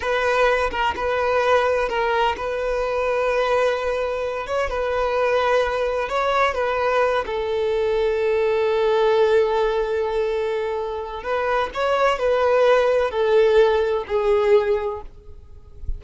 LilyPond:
\new Staff \with { instrumentName = "violin" } { \time 4/4 \tempo 4 = 128 b'4. ais'8 b'2 | ais'4 b'2.~ | b'4. cis''8 b'2~ | b'4 cis''4 b'4. a'8~ |
a'1~ | a'1 | b'4 cis''4 b'2 | a'2 gis'2 | }